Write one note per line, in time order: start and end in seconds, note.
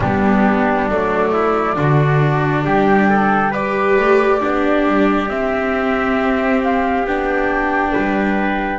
0.00 0.88 G3
0.00 0.90 B3
0.00 1.31 D4
0.00 0.88 G4
0.88 1.77 F#3
0.88 1.76 A3
0.88 2.65 D5
1.32 1.76 E4
1.76 2.64 D3
1.76 3.52 D4
1.76 2.64 F#4
2.64 3.96 G3
2.64 3.08 G4
2.64 3.53 G5
3.09 3.50 A4
3.50 4.40 G4
3.50 4.39 B4
3.50 5.29 D5
3.96 4.40 A3
4.40 4.86 B3
4.40 5.28 D4
4.40 7.92 G4
4.86 5.28 G3
5.28 7.05 C4
5.28 7.06 C4
5.28 6.61 E5
6.63 7.06 F5
7.05 7.93 B3
7.05 8.78 D4
7.05 8.78 G5
7.92 8.78 G3
7.92 8.78 B4